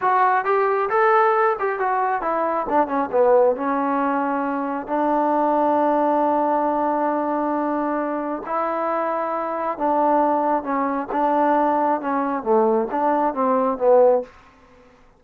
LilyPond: \new Staff \with { instrumentName = "trombone" } { \time 4/4 \tempo 4 = 135 fis'4 g'4 a'4. g'8 | fis'4 e'4 d'8 cis'8 b4 | cis'2. d'4~ | d'1~ |
d'2. e'4~ | e'2 d'2 | cis'4 d'2 cis'4 | a4 d'4 c'4 b4 | }